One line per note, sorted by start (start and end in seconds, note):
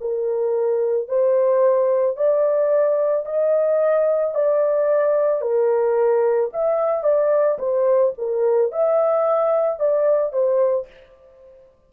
0.00 1.08 A#4
1.08 2.16 C5
2.16 3.25 D5
3.25 4.34 D#5
4.34 5.41 D5
5.41 6.50 A#4
6.53 7.03 E5
7.03 7.58 D5
7.58 8.13 C5
8.17 8.72 A#4
8.72 9.79 E5
9.79 10.32 D5
10.32 10.87 C5